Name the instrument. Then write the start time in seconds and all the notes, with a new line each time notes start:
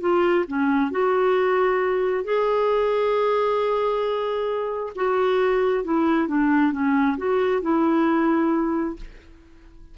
clarinet
0.00 F4
0.47 C#4
0.91 F#4
2.24 G#4
4.95 F#4
5.84 E4
6.27 D4
6.72 C#4
7.17 F#4
7.62 E4